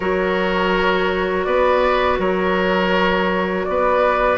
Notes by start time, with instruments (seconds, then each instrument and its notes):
0.00 bassoon F#3, clarinet F#4, oboe A#4, flute C#5
1.44 bassoon B3, oboe B4, flute D5
2.19 bassoon F#3, oboe A#4, flute C#5
3.64 bassoon B3, oboe B4, flute D5